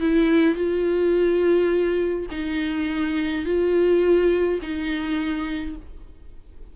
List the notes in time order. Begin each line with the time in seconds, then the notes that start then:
0.00 E4
0.55 F4
2.31 D#4
3.45 F4
4.62 D#4